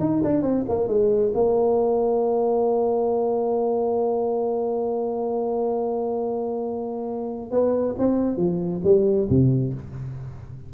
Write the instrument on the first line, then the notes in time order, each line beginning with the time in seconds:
tuba
0.00 D#4
0.24 D4
0.42 C4
0.69 A#3
0.88 G#3
1.34 A#3
7.51 B3
7.98 C4
8.37 F3
8.84 G3
9.29 C3